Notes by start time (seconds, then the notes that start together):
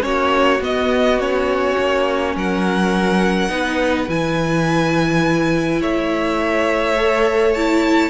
0.00 A#3 C#4 F#4 C#5
0.60 B3 D#5
1.19 C#4 C#5
1.78 A#3
2.35 F#3 A#4 F#5
3.49 B3 D#4 B4
4.08 E3 E4 G#5
5.81 A3 C#5 E5
6.97 A4
7.53 E4 A5